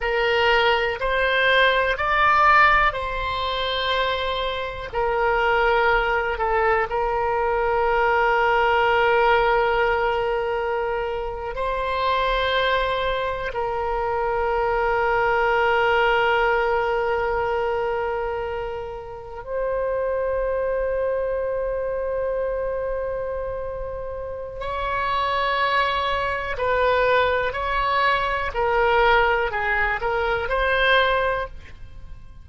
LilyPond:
\new Staff \with { instrumentName = "oboe" } { \time 4/4 \tempo 4 = 61 ais'4 c''4 d''4 c''4~ | c''4 ais'4. a'8 ais'4~ | ais'2.~ ais'8. c''16~ | c''4.~ c''16 ais'2~ ais'16~ |
ais'2.~ ais'8. c''16~ | c''1~ | c''4 cis''2 b'4 | cis''4 ais'4 gis'8 ais'8 c''4 | }